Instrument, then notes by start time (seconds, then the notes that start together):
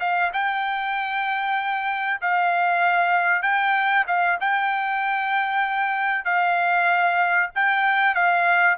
trumpet
0.00 F5
0.33 G5
2.21 F5
3.42 G5
4.07 F5
4.40 G5
6.25 F5
7.55 G5
8.14 F5